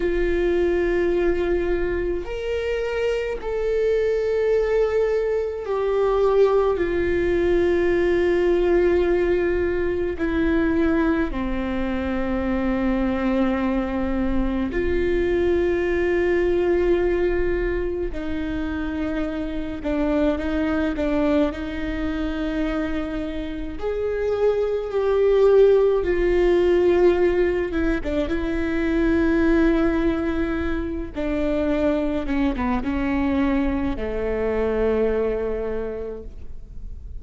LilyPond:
\new Staff \with { instrumentName = "viola" } { \time 4/4 \tempo 4 = 53 f'2 ais'4 a'4~ | a'4 g'4 f'2~ | f'4 e'4 c'2~ | c'4 f'2. |
dis'4. d'8 dis'8 d'8 dis'4~ | dis'4 gis'4 g'4 f'4~ | f'8 e'16 d'16 e'2~ e'8 d'8~ | d'8 cis'16 b16 cis'4 a2 | }